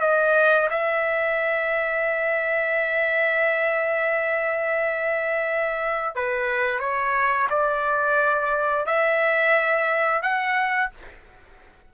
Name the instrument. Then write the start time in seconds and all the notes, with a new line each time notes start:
trumpet
0.00 D#5
0.70 E5
6.15 B4
6.79 C#5
7.50 D5
8.86 E5
10.22 F#5